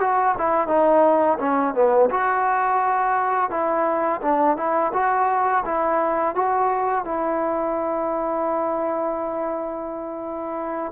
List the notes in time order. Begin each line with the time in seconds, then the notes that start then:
0.00 F#4
0.38 E4
0.68 D#4
1.39 C#4
1.74 B3
2.10 F#4
3.50 E4
4.22 D4
4.57 E4
4.93 F#4
5.65 E4
6.35 F#4
7.05 E4